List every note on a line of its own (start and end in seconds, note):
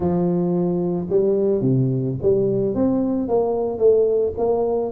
0.00 1.07 F3
1.09 1.61 G3
1.61 2.15 C3
2.22 2.74 G3
2.74 3.28 C4
3.28 3.78 A#3
3.78 4.32 A3
4.37 4.91 A#3